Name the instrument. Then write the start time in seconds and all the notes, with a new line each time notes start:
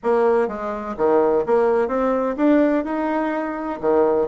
bassoon
0.03 A#3
0.48 G#3
0.97 D#3
1.45 A#3
1.88 C4
2.36 D4
2.84 D#4
3.80 D#3